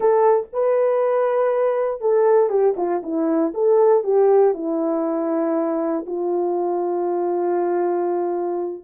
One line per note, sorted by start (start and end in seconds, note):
0.00 0.47 A4
0.52 2.01 B4
2.01 2.49 A4
2.49 2.75 G4
2.77 3.02 F4
3.03 3.53 E4
3.54 4.03 A4
4.03 4.54 G4
4.54 6.05 E4
6.06 8.83 F4